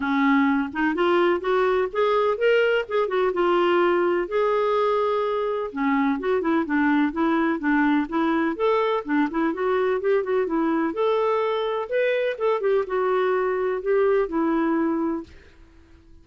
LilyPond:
\new Staff \with { instrumentName = "clarinet" } { \time 4/4 \tempo 4 = 126 cis'4. dis'8 f'4 fis'4 | gis'4 ais'4 gis'8 fis'8 f'4~ | f'4 gis'2. | cis'4 fis'8 e'8 d'4 e'4 |
d'4 e'4 a'4 d'8 e'8 | fis'4 g'8 fis'8 e'4 a'4~ | a'4 b'4 a'8 g'8 fis'4~ | fis'4 g'4 e'2 | }